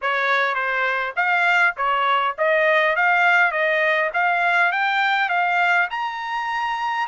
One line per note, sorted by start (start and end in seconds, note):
0.01 0.54 C#5
0.54 1.13 C5
1.16 1.74 F5
1.76 2.35 C#5
2.38 2.95 D#5
2.95 3.51 F5
3.51 4.10 D#5
4.13 4.72 F5
4.72 5.29 G5
5.29 5.88 F5
5.90 7.07 A#5